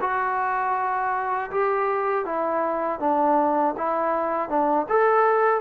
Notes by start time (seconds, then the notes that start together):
0.00 F#4
1.51 G4
2.25 E4
2.99 D4
3.77 E4
4.49 D4
4.89 A4